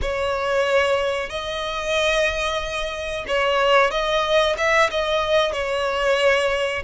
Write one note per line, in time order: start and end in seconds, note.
0.01 1.29 C#5
1.29 3.25 D#5
3.27 3.90 C#5
3.90 4.56 D#5
4.57 4.90 E5
4.90 5.52 D#5
5.52 6.82 C#5